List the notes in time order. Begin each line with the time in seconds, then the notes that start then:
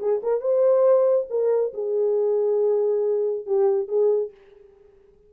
0.00 G#4
0.23 A#4
0.41 C5
1.30 A#4
1.74 G#4
3.46 G4
3.88 G#4